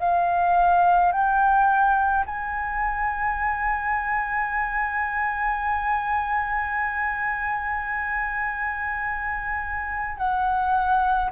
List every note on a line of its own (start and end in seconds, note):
0.00 1.13 F5
1.13 2.26 G5
2.26 10.18 G#5
10.18 11.31 F#5